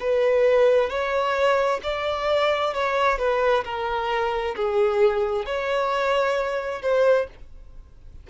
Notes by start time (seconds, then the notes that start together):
0.00 B4
0.89 C#5
1.83 D5
2.74 C#5
3.18 B4
3.64 A#4
4.56 G#4
5.45 C#5
6.82 C5